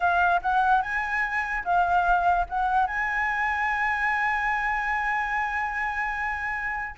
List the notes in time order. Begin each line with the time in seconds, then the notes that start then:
0.00 F5
0.42 F#5
0.81 G#5
1.64 F5
2.49 F#5
2.86 G#5